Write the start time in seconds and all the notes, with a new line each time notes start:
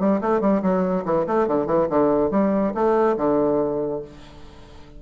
0.00 G3
0.22 A3
0.41 G3
0.62 F#3
1.05 E3
1.27 A3
1.48 D3
1.67 E3
1.90 D3
2.31 G3
2.75 A3
3.17 D3